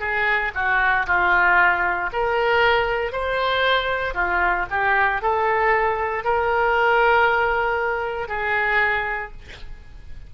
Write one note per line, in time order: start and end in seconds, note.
0.00 0.52 G#4
0.55 1.06 F#4
1.07 2.10 F4
2.13 3.12 A#4
3.12 4.14 C5
4.14 4.66 F4
4.70 5.22 G4
5.22 6.24 A4
6.24 8.29 A#4
8.29 9.32 G#4